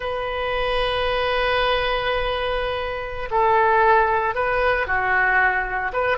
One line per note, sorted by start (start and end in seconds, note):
0.00 3.29 B4
3.30 4.34 A4
4.34 4.87 B4
4.87 5.92 F#4
5.92 6.17 B4